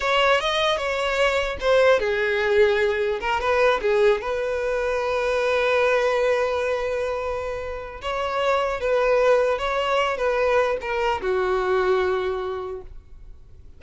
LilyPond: \new Staff \with { instrumentName = "violin" } { \time 4/4 \tempo 4 = 150 cis''4 dis''4 cis''2 | c''4 gis'2. | ais'8 b'4 gis'4 b'4.~ | b'1~ |
b'1 | cis''2 b'2 | cis''4. b'4. ais'4 | fis'1 | }